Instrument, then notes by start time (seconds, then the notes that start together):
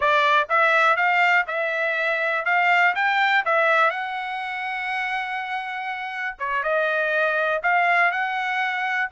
trumpet
0.00 D5
0.49 E5
0.96 F5
1.47 E5
2.45 F5
2.95 G5
3.45 E5
3.90 F#5
6.38 C#5
6.63 D#5
7.63 F5
8.11 F#5